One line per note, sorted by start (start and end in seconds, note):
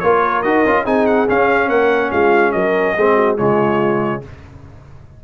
0.00 0.44 A#3
0.00 0.44 F4
0.00 0.84 A#4
0.00 0.42 C#5
0.42 0.65 D#4
0.42 0.66 F#4
0.42 0.85 D#5
0.66 0.86 C#4
0.66 0.85 F4
0.84 1.28 C4
0.84 1.27 D#4
0.84 1.68 G#4
0.84 1.07 G#5
1.07 1.28 F#5
1.28 2.97 C#4
1.28 1.69 C#4
1.28 1.69 F5
1.69 2.11 A#3
1.69 2.10 A#4
1.69 2.11 F#5
2.10 2.54 G#3
2.10 2.52 F4
2.10 2.52 F5
2.52 2.97 F#3
2.52 2.95 A#4
2.52 3.36 D#5
2.95 3.40 G#3
2.95 3.38 C4
2.95 3.15 G#4
3.15 3.37 F#4
3.37 4.24 C#3
3.37 4.22 G#3
3.37 4.22 F4
3.37 4.23 C#5